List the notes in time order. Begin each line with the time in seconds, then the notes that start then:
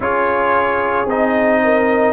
0.00 C#4 F4 G#4 C#5
1.05 C4 D#4 D#5
1.63 A#4